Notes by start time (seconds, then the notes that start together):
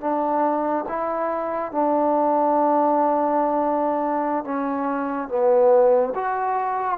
0.00 D4
0.88 E4
1.71 D4
4.44 C#4
5.28 B3
6.15 F#4